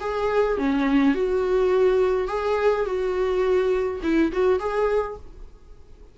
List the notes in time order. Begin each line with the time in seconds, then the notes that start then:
0.00 G#4
0.58 C#4
1.15 F#4
2.28 G#4
2.85 F#4
4.03 E4
4.32 F#4
4.59 G#4